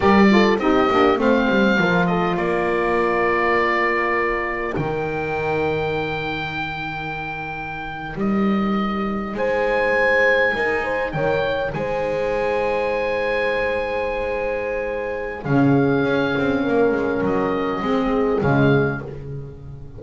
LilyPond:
<<
  \new Staff \with { instrumentName = "oboe" } { \time 4/4 \tempo 4 = 101 d''4 dis''4 f''4. dis''8 | d''1 | g''1~ | g''4.~ g''16 dis''2 gis''16~ |
gis''2~ gis''8. g''4 gis''16~ | gis''1~ | gis''2 f''2~ | f''4 dis''2 f''4 | }
  \new Staff \with { instrumentName = "horn" } { \time 4/4 ais'8 a'8 g'4 c''4 ais'8 a'8 | ais'1~ | ais'1~ | ais'2.~ ais'8. c''16~ |
c''4.~ c''16 ais'8 c''8 cis''4 c''16~ | c''1~ | c''2 gis'2 | ais'2 gis'2 | }
  \new Staff \with { instrumentName = "saxophone" } { \time 4/4 g'8 f'8 dis'8 d'8 c'4 f'4~ | f'1 | dis'1~ | dis'1~ |
dis'1~ | dis'1~ | dis'2 cis'2~ | cis'2 c'4 gis4 | }
  \new Staff \with { instrumentName = "double bass" } { \time 4/4 g4 c'8 ais8 a8 g8 f4 | ais1 | dis1~ | dis4.~ dis16 g2 gis16~ |
gis4.~ gis16 dis'4 dis4 gis16~ | gis1~ | gis2 cis4 cis'8 c'8 | ais8 gis8 fis4 gis4 cis4 | }
>>